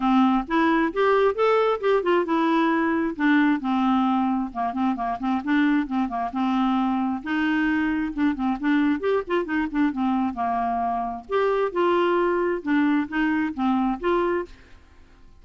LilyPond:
\new Staff \with { instrumentName = "clarinet" } { \time 4/4 \tempo 4 = 133 c'4 e'4 g'4 a'4 | g'8 f'8 e'2 d'4 | c'2 ais8 c'8 ais8 c'8 | d'4 c'8 ais8 c'2 |
dis'2 d'8 c'8 d'4 | g'8 f'8 dis'8 d'8 c'4 ais4~ | ais4 g'4 f'2 | d'4 dis'4 c'4 f'4 | }